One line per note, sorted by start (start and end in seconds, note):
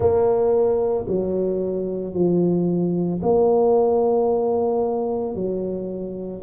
0.00 1.05 A#3
1.07 2.13 F#3
2.13 3.20 F3
3.22 5.34 A#3
5.34 6.41 F#3